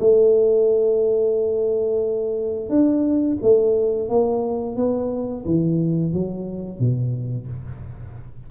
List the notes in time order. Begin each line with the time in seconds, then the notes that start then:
0.00 A3
2.69 D4
3.42 A3
4.09 A#3
4.77 B3
5.46 E3
6.13 F#3
6.79 B2